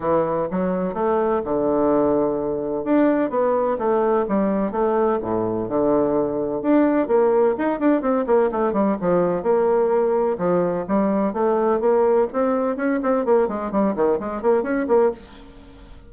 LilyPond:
\new Staff \with { instrumentName = "bassoon" } { \time 4/4 \tempo 4 = 127 e4 fis4 a4 d4~ | d2 d'4 b4 | a4 g4 a4 a,4 | d2 d'4 ais4 |
dis'8 d'8 c'8 ais8 a8 g8 f4 | ais2 f4 g4 | a4 ais4 c'4 cis'8 c'8 | ais8 gis8 g8 dis8 gis8 ais8 cis'8 ais8 | }